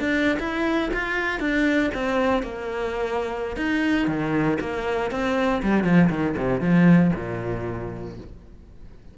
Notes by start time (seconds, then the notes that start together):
0.00 D4
0.40 E4
0.93 F4
1.40 D4
1.94 C4
2.43 A#3
3.57 D#4
4.08 D#3
4.61 A#3
5.11 C4
5.63 G3
5.84 F3
6.10 D#3
6.37 C3
6.61 F3
7.16 A#2